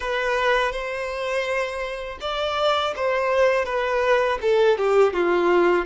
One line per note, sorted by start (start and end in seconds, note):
0.00 0.72 B4
0.72 2.18 C5
2.21 2.94 D5
2.96 3.65 C5
3.65 4.38 B4
4.41 4.77 A4
4.77 5.13 G4
5.13 5.85 F4